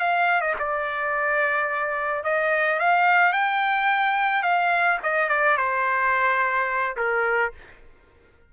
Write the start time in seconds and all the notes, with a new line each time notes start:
0.00 F5
0.41 D#5
0.59 D5
2.24 D#5
2.79 F5
3.33 G5
4.43 F5
5.03 D#5
5.29 D5
5.57 C5
6.97 A#4